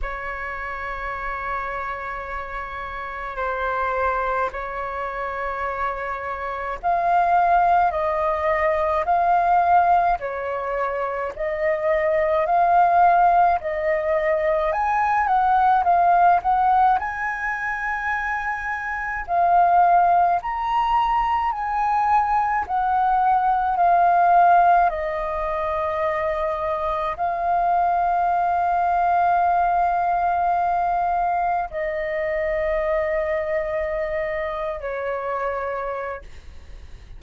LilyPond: \new Staff \with { instrumentName = "flute" } { \time 4/4 \tempo 4 = 53 cis''2. c''4 | cis''2 f''4 dis''4 | f''4 cis''4 dis''4 f''4 | dis''4 gis''8 fis''8 f''8 fis''8 gis''4~ |
gis''4 f''4 ais''4 gis''4 | fis''4 f''4 dis''2 | f''1 | dis''2~ dis''8. cis''4~ cis''16 | }